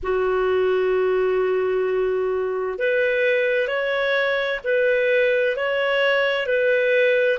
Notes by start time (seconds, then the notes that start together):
0.03 F#4
2.78 B4
3.67 C#5
4.64 B4
5.56 C#5
6.46 B4